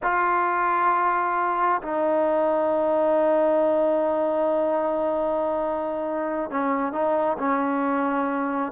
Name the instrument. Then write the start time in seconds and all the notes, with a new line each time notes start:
trombone
0.02 F4
1.82 D#4
6.50 C#4
6.92 D#4
7.38 C#4